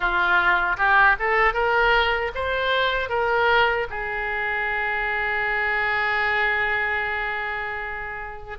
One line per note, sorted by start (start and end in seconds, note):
0.00 0.77 F4
0.77 1.16 G4
1.19 1.53 A4
1.53 2.31 A#4
2.34 3.09 C5
3.09 3.87 A#4
3.90 8.57 G#4